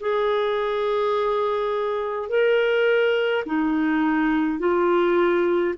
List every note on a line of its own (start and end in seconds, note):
0.00 2.29 G#4
2.29 3.44 A#4
3.46 4.59 D#4
4.59 5.74 F4